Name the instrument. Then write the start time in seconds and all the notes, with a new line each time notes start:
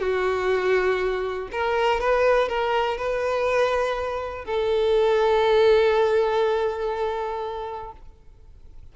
violin
0.00 F#4
1.52 A#4
2.01 B4
2.49 A#4
2.98 B4
4.45 A4